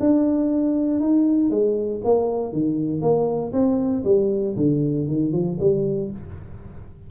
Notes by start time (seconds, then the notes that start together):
0.00 D4
1.00 D#4
1.50 G#3
2.05 A#3
2.53 D#3
3.02 A#3
3.53 C4
4.05 G3
4.57 D3
5.08 D#3
5.33 F3
5.60 G3